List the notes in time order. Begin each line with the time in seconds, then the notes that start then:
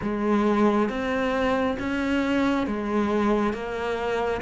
0.02 G#3
0.89 C4
1.79 C#4
2.67 G#3
3.53 A#3